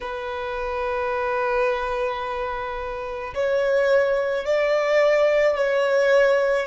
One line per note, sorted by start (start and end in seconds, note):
0.00 3.33 B4
3.34 4.45 C#5
4.45 5.56 D5
5.56 6.66 C#5